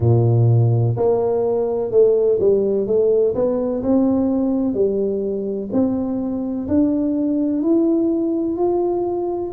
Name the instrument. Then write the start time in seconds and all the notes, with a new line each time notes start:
tuba
0.00 A#2
0.96 A#3
1.91 A3
2.39 G3
2.86 A3
3.34 B3
3.83 C4
4.74 G3
5.72 C4
6.68 D4
7.62 E4
8.56 F4